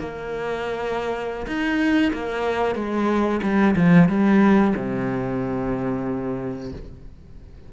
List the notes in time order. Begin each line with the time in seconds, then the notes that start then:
0.00 A#3
1.47 D#4
2.14 A#3
2.75 G#3
3.43 G3
3.76 F3
4.09 G3
4.77 C3